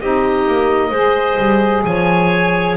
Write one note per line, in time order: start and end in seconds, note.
0.00 0.47 C4
0.00 0.93 D#4
0.00 0.89 G4
0.00 1.84 D#5
0.47 0.91 A#3
0.89 1.37 G#3
0.89 2.77 G#4
0.89 1.81 C5
1.38 1.84 G3
1.84 2.77 F3
1.84 2.77 C#5
1.84 2.77 G#5